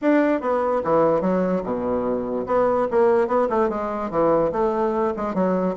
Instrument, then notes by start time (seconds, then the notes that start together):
bassoon
0.01 D4
0.41 B3
0.83 E3
1.21 F#3
1.63 B2
2.46 B3
2.90 A#3
3.27 B3
3.49 A3
3.69 G#3
4.10 E3
4.52 A3
5.16 G#3
5.34 F#3